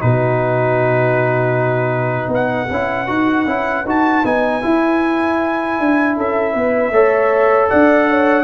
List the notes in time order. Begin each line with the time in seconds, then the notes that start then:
0.00 B2 D#4 F#4 B4
2.28 B3 B4
2.35 F#5
2.71 C#4 E4
3.08 D#4 F#4
3.47 C#4 E4
3.86 D#4 F#4 A5
4.25 B3 D#4 G#5
4.62 E4
5.80 D4
6.17 C#4 A4 E5
6.54 B3 B4
6.91 A3 A4 C#5
7.70 D4 D5 F#5
8.09 C#5